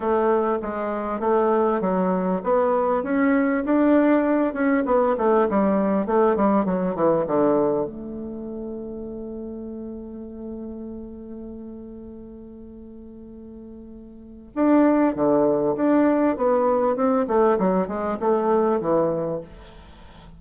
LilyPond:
\new Staff \with { instrumentName = "bassoon" } { \time 4/4 \tempo 4 = 99 a4 gis4 a4 fis4 | b4 cis'4 d'4. cis'8 | b8 a8 g4 a8 g8 fis8 e8 | d4 a2.~ |
a1~ | a1 | d'4 d4 d'4 b4 | c'8 a8 fis8 gis8 a4 e4 | }